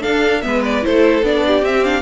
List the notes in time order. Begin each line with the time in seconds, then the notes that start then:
0.00 D4 A4 F5
0.42 G#3 B3 B4 E5
0.65 D5
0.83 A3 E4 A4 C5
1.23 B3 D4 D5
1.47 G4
1.62 C4 E5
1.84 D4 F5